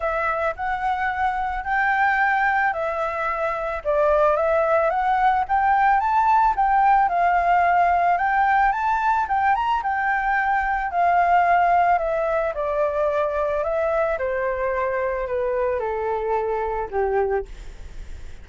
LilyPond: \new Staff \with { instrumentName = "flute" } { \time 4/4 \tempo 4 = 110 e''4 fis''2 g''4~ | g''4 e''2 d''4 | e''4 fis''4 g''4 a''4 | g''4 f''2 g''4 |
a''4 g''8 ais''8 g''2 | f''2 e''4 d''4~ | d''4 e''4 c''2 | b'4 a'2 g'4 | }